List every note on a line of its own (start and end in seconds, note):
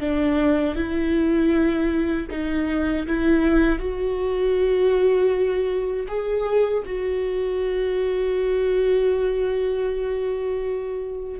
0.00 0.75 D4
0.75 2.27 E4
2.30 3.06 D#4
3.07 3.79 E4
3.79 6.07 F#4
6.07 6.83 G#4
6.85 11.40 F#4